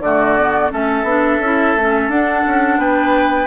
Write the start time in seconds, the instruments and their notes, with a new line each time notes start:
0.00 bassoon D3, clarinet A3, oboe F#4, flute D5
0.39 clarinet B3
0.71 bassoon A3, clarinet C#4, oboe A4, flute E5
1.03 bassoon B3, clarinet D4
1.40 bassoon C#4, clarinet E4
1.76 bassoon A3, clarinet C#4
2.09 bassoon D4, clarinet D4, flute F#5
2.47 bassoon C#4
2.78 bassoon B3, oboe B4, flute G5